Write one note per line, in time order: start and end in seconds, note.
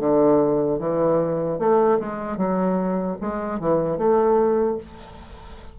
0.00 0.79 D3
0.79 1.59 E3
1.59 1.99 A3
2.00 2.37 G#3
2.37 3.17 F#3
3.21 3.60 G#3
3.60 3.98 E3
3.98 4.78 A3